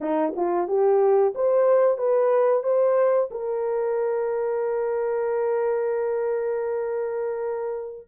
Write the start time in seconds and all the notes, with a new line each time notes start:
0.01 D#4
0.36 F4
0.67 G4
1.34 C5
1.97 B4
2.63 C5
3.30 A#4